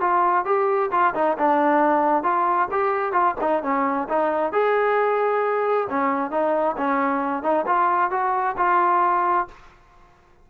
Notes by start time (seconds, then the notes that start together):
0.00 F4
0.45 G4
0.91 F4
1.14 D#4
1.38 D4
2.23 F4
2.71 G4
3.12 F4
3.40 D#4
3.63 C#4
4.08 D#4
4.52 G#4
5.89 C#4
6.31 D#4
6.77 C#4
7.42 D#4
7.66 F4
8.11 F#4
8.57 F4